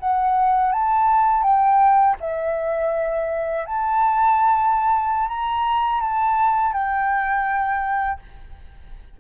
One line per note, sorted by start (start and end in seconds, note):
0.00 0.73 F#5
0.73 1.43 A5
1.43 2.17 G5
2.21 3.66 E5
3.66 5.28 A5
5.28 6.02 A#5
6.02 6.73 A5
6.73 8.20 G5